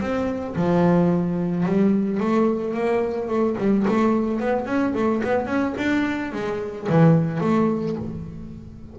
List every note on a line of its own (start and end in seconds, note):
0.00 0.55 C4
0.55 1.65 F3
1.65 2.20 G3
2.20 2.74 A3
2.74 3.28 A#3
3.28 3.56 A3
3.58 3.86 G3
3.87 4.40 A3
4.40 4.66 B3
4.66 4.93 C#4
4.94 5.22 A3
5.23 5.46 B3
5.46 5.74 C#4
5.77 6.32 D4
6.32 6.87 G#3
6.89 7.41 E3
7.41 7.96 A3